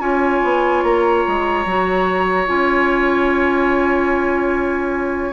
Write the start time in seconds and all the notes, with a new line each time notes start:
0.00 C#4 F4 C#5 G#5
0.44 B3
0.84 A#3 A#5
1.28 G#3
1.66 F#3 F#4
2.47 C#4 F4 G#5